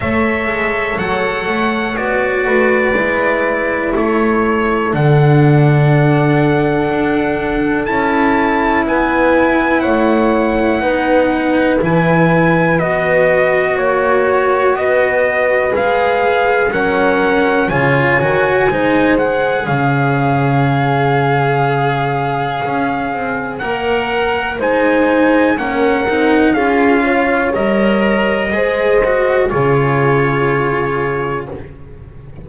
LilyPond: <<
  \new Staff \with { instrumentName = "trumpet" } { \time 4/4 \tempo 4 = 61 e''4 fis''4 d''2 | cis''4 fis''2. | a''4 gis''4 fis''2 | gis''4 dis''4 cis''4 dis''4 |
f''4 fis''4 gis''4. fis''8 | f''1 | fis''4 gis''4 fis''4 f''4 | dis''2 cis''2 | }
  \new Staff \with { instrumentName = "horn" } { \time 4/4 cis''2~ cis''8 b'4. | a'1~ | a'4 b'4 cis''4 b'4~ | b'2 cis''4 b'4~ |
b'4 ais'4 cis''4 c''4 | cis''1~ | cis''4 c''4 ais'4 gis'8 cis''8~ | cis''4 c''4 gis'2 | }
  \new Staff \with { instrumentName = "cello" } { \time 4/4 a'2 fis'4 e'4~ | e'4 d'2. | e'2. dis'4 | e'4 fis'2. |
gis'4 cis'4 f'8 fis'8 dis'8 gis'8~ | gis'1 | ais'4 dis'4 cis'8 dis'8 f'4 | ais'4 gis'8 fis'8 f'2 | }
  \new Staff \with { instrumentName = "double bass" } { \time 4/4 a8 gis8 fis8 a8 b8 a8 gis4 | a4 d2 d'4 | cis'4 b4 a4 b4 | e4 b4 ais4 b4 |
gis4 fis4 cis8 dis8 gis4 | cis2. cis'8 c'8 | ais4 gis4 ais8 c'8 cis'4 | g4 gis4 cis2 | }
>>